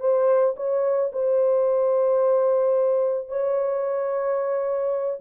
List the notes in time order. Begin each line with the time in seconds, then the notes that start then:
0.00 C5
0.57 C#5
1.13 C5
3.29 C#5